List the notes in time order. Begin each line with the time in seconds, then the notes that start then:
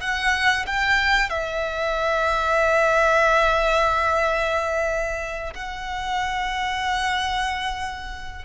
0.00 F#5
0.66 G5
1.29 E5
5.53 F#5